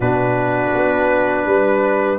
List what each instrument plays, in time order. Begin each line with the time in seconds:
0.00 tuba B2, trombone D4, horn F#4, trumpet B4
0.73 tuba B3
1.46 tuba G3, horn B4